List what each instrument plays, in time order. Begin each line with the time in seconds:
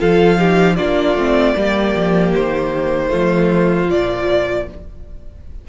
0.00 cello F3, viola F4, violin A4 F5
0.38 viola D#4, violin G4
0.76 cello A#3, viola D4, violin F4 D5
1.15 cello A3, viola C4
1.56 cello G3, viola A#3, violin G4
1.96 cello F3
2.34 cello D#3, violin C5
3.09 cello F3, viola A3, violin F4
3.89 cello A#2, viola F3, violin D5